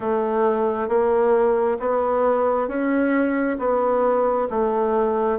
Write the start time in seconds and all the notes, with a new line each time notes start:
0.00 A3
0.88 A#3
1.79 B3
2.68 C#4
3.58 B3
4.49 A3